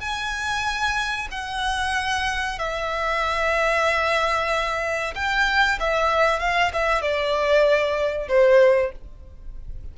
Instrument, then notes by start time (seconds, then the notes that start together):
violin
0.00 G#5
1.31 F#5
2.59 E5
5.15 G5
5.80 E5
6.39 F5
6.73 E5
7.02 D5
8.28 C5